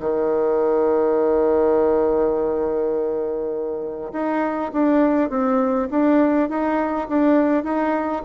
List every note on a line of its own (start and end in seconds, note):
0.00 4.12 D#3
4.12 4.71 D#4
4.73 5.30 D4
5.30 5.89 C4
5.90 6.49 D4
6.49 7.08 D#4
7.08 7.64 D4
7.64 8.22 D#4